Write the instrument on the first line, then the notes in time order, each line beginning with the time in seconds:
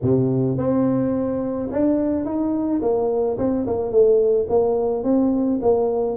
tuba
0.02 C3
0.57 C4
1.71 D4
2.25 D#4
2.81 A#3
3.38 C4
3.67 A#3
3.91 A3
4.49 A#3
5.03 C4
5.62 A#3